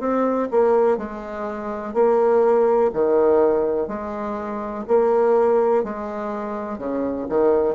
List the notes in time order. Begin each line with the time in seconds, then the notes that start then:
0.00 C4
0.51 A#3
0.98 G#3
1.94 A#3
2.93 D#3
3.88 G#3
4.88 A#3
5.84 G#3
6.78 C#3
7.29 D#3